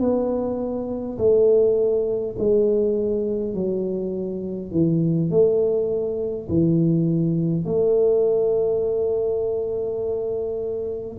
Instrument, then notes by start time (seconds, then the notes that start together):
tuba
0.00 B3
1.18 A3
2.39 G#3
3.54 F#3
4.71 E3
5.30 A3
6.49 E3
7.65 A3